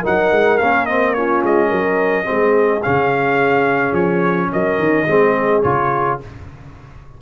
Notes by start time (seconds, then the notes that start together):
0.00 F#3 D#4 A#4 F#5
0.32 G#3
0.58 A#3 C#4 F5
0.86 C4 D#5
1.14 C#4 F4 C#5
1.43 G#3 D#5
1.68 F#3 A#4
2.24 G#3 C4 G#4
2.82 C#3 C#4 F5
3.93 F3 C#5
4.52 F#3 A#4 D#5
4.79 D#3
5.07 G#3 C4 G#4
5.62 C#3 F4 C#5